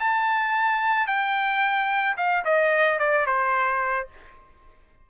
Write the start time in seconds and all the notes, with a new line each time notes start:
0.00 A5
1.07 G5
2.17 F5
2.44 D#5
2.99 D5
3.26 C5